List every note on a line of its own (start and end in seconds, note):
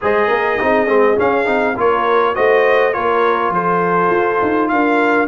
0.01 0.29 G#3
0.01 0.60 G#4
0.01 0.27 C5
0.01 1.19 D#5
0.27 0.59 A#3
0.27 0.57 A#4
0.60 0.88 C4
0.60 0.87 D#4
0.60 1.76 G#4
0.87 1.17 G#3
0.87 1.16 C4
1.16 1.44 C#4
1.16 1.46 C#4
1.16 1.78 F5
1.44 1.76 C4
1.44 1.74 D#4
1.76 2.35 A#3
1.76 2.34 F4
1.76 2.35 A#4
1.76 2.35 C#5
2.34 2.96 A3
2.34 2.93 F#4
2.34 2.93 C5
2.34 2.93 D#5
2.93 3.49 A#3
2.93 5.28 F4
2.93 3.52 A#4
2.93 3.52 C#5
3.49 4.08 F3
3.49 4.71 A4
3.49 4.68 C5
4.11 4.40 F4
4.42 4.71 D#4
4.68 5.28 D4
4.68 5.28 A#4
4.68 5.27 F5